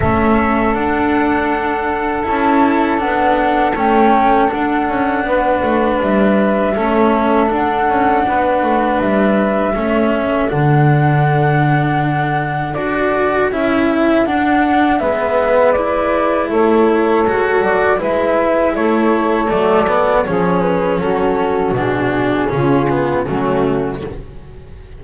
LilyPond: <<
  \new Staff \with { instrumentName = "flute" } { \time 4/4 \tempo 4 = 80 e''4 fis''2 a''4 | fis''4 g''4 fis''2 | e''2 fis''2 | e''2 fis''2~ |
fis''4 d''4 e''4 fis''4 | e''4 d''4 cis''4. d''8 | e''4 cis''4 d''4 cis''8 b'8 | a'4 gis'2 fis'4 | }
  \new Staff \with { instrumentName = "saxophone" } { \time 4/4 a'1~ | a'2. b'4~ | b'4 a'2 b'4~ | b'4 a'2.~ |
a'1 | b'2 a'2 | b'4 a'2 gis'4 | fis'2 f'4 cis'4 | }
  \new Staff \with { instrumentName = "cello" } { \time 4/4 cis'4 d'2 e'4 | d'4 cis'4 d'2~ | d'4 cis'4 d'2~ | d'4 cis'4 d'2~ |
d'4 fis'4 e'4 d'4 | b4 e'2 fis'4 | e'2 a8 b8 cis'4~ | cis'4 d'4 cis'8 b8 a4 | }
  \new Staff \with { instrumentName = "double bass" } { \time 4/4 a4 d'2 cis'4 | b4 a4 d'8 cis'8 b8 a8 | g4 a4 d'8 cis'8 b8 a8 | g4 a4 d2~ |
d4 d'4 cis'4 d'4 | gis2 a4 gis8 fis8 | gis4 a4 fis4 f4 | fis4 b,4 cis4 fis4 | }
>>